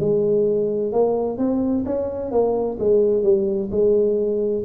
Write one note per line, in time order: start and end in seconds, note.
0.00 0.92 G#3
0.92 1.38 A#3
1.38 1.85 C4
1.86 2.32 C#4
2.32 2.78 A#3
2.80 3.23 G#3
3.23 3.70 G3
3.71 4.64 G#3